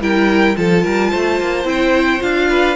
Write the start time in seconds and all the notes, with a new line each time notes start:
0.00 G3 E4 A#4 G5
0.56 F3 F4 A4 A5
0.84 G3 A#4
1.10 A3 C5
1.40 A#3
1.64 C4 E4 G5
2.19 D4 F4 F5
2.49 B4